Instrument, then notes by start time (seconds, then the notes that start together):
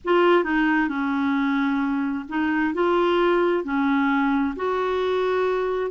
clarinet
0.04 F4
0.44 D#4
0.88 C#4
2.29 D#4
2.74 F4
3.64 C#4
4.56 F#4